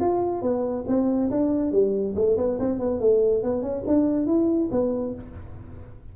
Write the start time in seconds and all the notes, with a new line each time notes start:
0.00 F4
0.41 B3
0.87 C4
1.30 D4
1.71 G3
2.15 A3
2.37 B3
2.59 C4
2.79 B3
3.00 A3
3.43 B3
3.62 C#4
3.86 D4
4.26 E4
4.71 B3